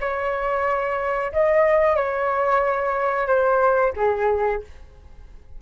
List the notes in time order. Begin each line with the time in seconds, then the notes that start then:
0.00 C#5
1.32 D#5
1.96 C#5
3.27 C5
3.96 G#4